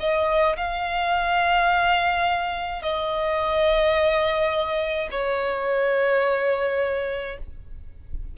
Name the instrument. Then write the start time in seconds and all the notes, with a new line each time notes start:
violin
0.00 D#5
0.57 F5
2.83 D#5
5.11 C#5